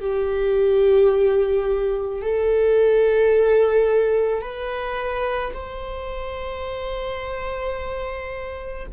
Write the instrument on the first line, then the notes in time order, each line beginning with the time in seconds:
viola
0.00 G4
2.22 A4
4.42 B4
5.53 C5